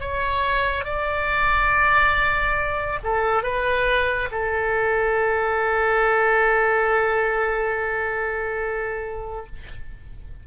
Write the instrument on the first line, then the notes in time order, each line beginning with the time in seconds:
oboe
0.00 C#5
0.85 D5
3.03 A4
3.42 B4
4.31 A4